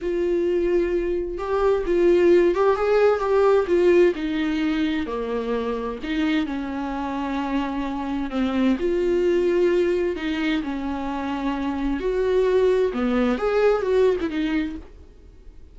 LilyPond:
\new Staff \with { instrumentName = "viola" } { \time 4/4 \tempo 4 = 130 f'2. g'4 | f'4. g'8 gis'4 g'4 | f'4 dis'2 ais4~ | ais4 dis'4 cis'2~ |
cis'2 c'4 f'4~ | f'2 dis'4 cis'4~ | cis'2 fis'2 | b4 gis'4 fis'8. e'16 dis'4 | }